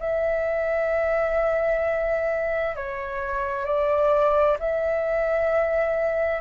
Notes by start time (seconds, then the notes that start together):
0.00 E5
2.76 C#5
3.65 D5
4.60 E5